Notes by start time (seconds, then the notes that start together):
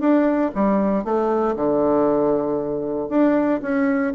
0.00 D4
0.55 G3
1.04 A3
1.56 D3
3.09 D4
3.62 C#4